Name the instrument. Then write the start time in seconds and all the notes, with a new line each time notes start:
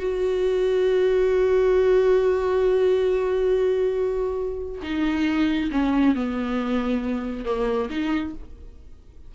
viola
0.00 F#4
4.83 D#4
5.72 C#4
6.16 B3
7.46 A#3
7.91 D#4